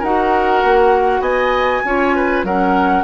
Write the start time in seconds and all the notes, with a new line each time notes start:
0.00 D#4 F#4 A#4 F#5
0.64 A#3
1.21 B3 D#5 G#5
1.85 C#4 F4 C#5
2.16 B4
2.44 F#3 C#4 A#4 F#5